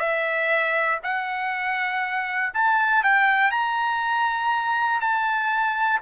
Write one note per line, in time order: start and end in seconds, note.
0.00 1.00 E5
1.04 2.54 F#5
2.54 3.04 A5
3.04 3.51 G5
3.51 5.01 A#5
5.01 6.01 A5